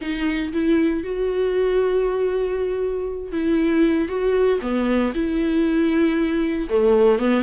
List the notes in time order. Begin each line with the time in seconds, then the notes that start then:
0.01 D#4
0.52 E4
1.03 F#4
3.32 E4
4.08 F#4
4.61 B3
5.14 E4
6.69 A3
7.19 B3